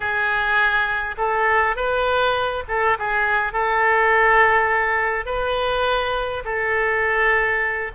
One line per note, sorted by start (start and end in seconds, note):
0.00 1.15 G#4
1.17 1.75 A4
1.75 2.64 B4
2.68 2.97 A4
2.98 3.53 G#4
3.53 5.25 A4
5.25 6.43 B4
6.44 7.91 A4